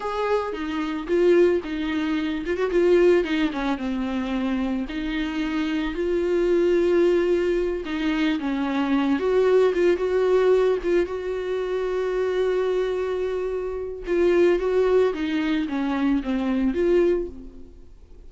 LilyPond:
\new Staff \with { instrumentName = "viola" } { \time 4/4 \tempo 4 = 111 gis'4 dis'4 f'4 dis'4~ | dis'8 f'16 fis'16 f'4 dis'8 cis'8 c'4~ | c'4 dis'2 f'4~ | f'2~ f'8 dis'4 cis'8~ |
cis'4 fis'4 f'8 fis'4. | f'8 fis'2.~ fis'8~ | fis'2 f'4 fis'4 | dis'4 cis'4 c'4 f'4 | }